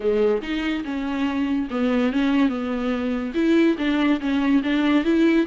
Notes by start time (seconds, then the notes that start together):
0.00 G#3
0.41 D#4
0.84 C#4
1.70 B3
2.12 C#4
2.49 B3
3.34 E4
3.78 D4
4.20 C#4
4.63 D4
5.04 E4